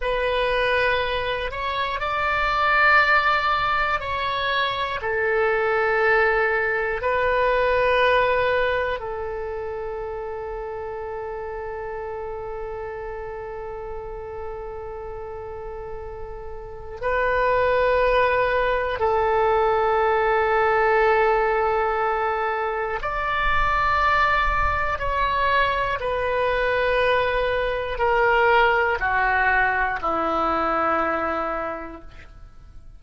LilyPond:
\new Staff \with { instrumentName = "oboe" } { \time 4/4 \tempo 4 = 60 b'4. cis''8 d''2 | cis''4 a'2 b'4~ | b'4 a'2.~ | a'1~ |
a'4 b'2 a'4~ | a'2. d''4~ | d''4 cis''4 b'2 | ais'4 fis'4 e'2 | }